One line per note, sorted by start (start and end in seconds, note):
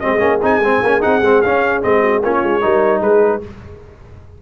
0.00 0.22 G#3
0.00 0.19 C4
0.00 2.01 G#4
0.00 0.40 D#5
0.19 0.42 A#3
0.19 0.39 C#4
0.42 0.60 C4
0.42 0.62 D#4
0.42 1.03 G#5
0.60 0.80 G#3
0.60 0.85 C4
0.83 1.03 A#3
0.83 1.01 C#4
1.01 1.22 C4
1.01 1.21 D#4
1.01 1.42 F#5
1.22 1.42 G#3
1.22 1.44 C4
1.42 1.84 C#4
1.42 1.82 C#4
1.42 1.82 F5
1.82 2.24 G#3
1.82 2.22 C4
1.82 2.24 D#5
2.01 2.21 F#4
2.24 2.44 A#3
2.24 2.62 C#4
2.24 2.63 F4
2.24 3.02 C#5
2.44 2.64 G#3
2.62 3.02 G3
2.62 3.42 D#4
2.62 3.02 A#4
3.02 3.42 G#3
3.02 3.42 G#4
3.02 3.42 B4